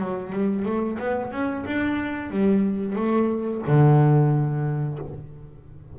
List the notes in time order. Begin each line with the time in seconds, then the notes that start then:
0.00 F#3
0.32 G3
0.65 A3
0.99 B3
1.31 C#4
1.65 D4
2.30 G3
2.96 A3
3.67 D3